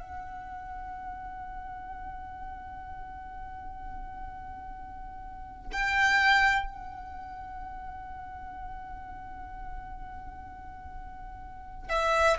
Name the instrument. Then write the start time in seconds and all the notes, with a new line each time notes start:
violin
0.00 F#5
5.73 G5
6.67 F#5
11.90 E5